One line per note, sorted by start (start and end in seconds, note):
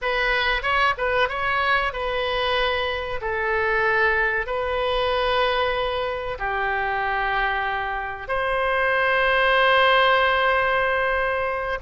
0.01 0.62 B4
0.62 0.94 C#5
0.97 1.29 B4
1.29 1.92 C#5
1.92 3.20 B4
3.21 4.46 A4
4.46 6.37 B4
6.38 8.27 G4
8.27 11.79 C5